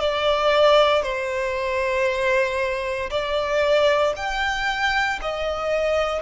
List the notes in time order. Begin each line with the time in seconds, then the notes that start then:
0.00 D5
1.03 C5
3.10 D5
4.16 G5
5.22 D#5